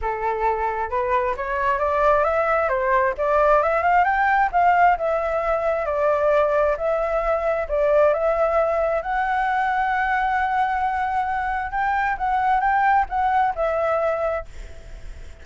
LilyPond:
\new Staff \with { instrumentName = "flute" } { \time 4/4 \tempo 4 = 133 a'2 b'4 cis''4 | d''4 e''4 c''4 d''4 | e''8 f''8 g''4 f''4 e''4~ | e''4 d''2 e''4~ |
e''4 d''4 e''2 | fis''1~ | fis''2 g''4 fis''4 | g''4 fis''4 e''2 | }